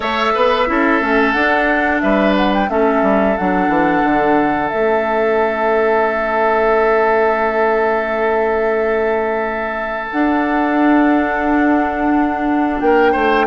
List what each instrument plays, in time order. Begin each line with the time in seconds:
0.00 bassoon A3, clarinet A4, oboe C#5, flute E5
0.34 bassoon B3, oboe B4
0.67 bassoon C#4, clarinet E4, oboe A4
1.00 bassoon A3, clarinet C#4
1.32 bassoon D4, clarinet D4, flute F#5
2.00 bassoon G3, oboe B4, flute E5
2.36 flute F#5
2.53 flute G5
2.68 bassoon A3, clarinet C#4, oboe A4, flute E5
3.02 bassoon G3
3.37 bassoon F#3, clarinet D4, flute F#5
3.68 bassoon E3
4.03 bassoon D3
4.68 bassoon A3, clarinet C#4, flute E5
10.11 bassoon D4, clarinet D4, flute F#5
12.80 bassoon A#3, oboe A#4, flute G5
13.12 bassoon A3, oboe C5